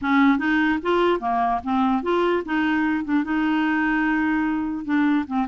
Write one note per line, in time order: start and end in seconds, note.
0.01 0.38 C#4
0.38 0.79 D#4
0.82 1.20 F4
1.20 1.60 A#3
1.63 2.03 C4
2.03 2.43 F4
2.45 3.04 D#4
3.04 3.24 D4
3.24 4.84 D#4
4.84 5.25 D4
5.26 5.47 C4